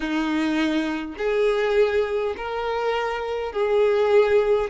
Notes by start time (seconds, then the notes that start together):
0.00 D#4
1.17 G#4
2.36 A#4
3.52 G#4